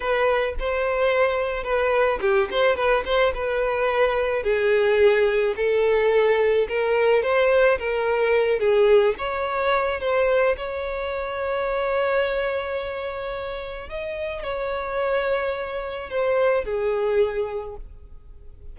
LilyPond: \new Staff \with { instrumentName = "violin" } { \time 4/4 \tempo 4 = 108 b'4 c''2 b'4 | g'8 c''8 b'8 c''8 b'2 | gis'2 a'2 | ais'4 c''4 ais'4. gis'8~ |
gis'8 cis''4. c''4 cis''4~ | cis''1~ | cis''4 dis''4 cis''2~ | cis''4 c''4 gis'2 | }